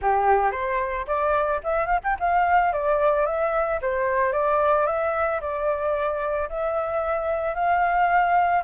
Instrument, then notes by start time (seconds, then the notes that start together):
flute
0.01 G4
0.51 C5
1.07 D5
1.63 E5
1.86 F5
2.03 G5
2.19 F5
2.72 D5
3.26 E5
3.81 C5
4.32 D5
4.86 E5
5.41 D5
6.49 E5
7.54 F5